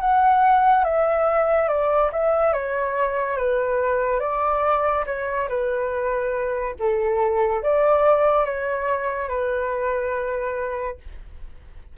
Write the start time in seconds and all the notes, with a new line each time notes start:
0.00 F#5
0.84 E5
1.68 D5
2.12 E5
2.53 C#5
3.37 B4
4.20 D5
5.06 C#5
5.48 B4
6.79 A4
7.62 D5
8.45 C#5
9.28 B4